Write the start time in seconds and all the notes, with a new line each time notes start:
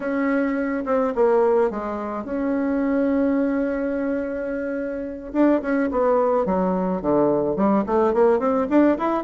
0.00 C#4
0.85 C4
1.15 A#3
1.70 G#3
2.24 C#4
5.33 D4
5.61 C#4
5.91 B3
6.45 F#3
7.01 D3
7.55 G3
7.86 A3
8.13 A#3
8.39 C4
8.69 D4
8.97 E4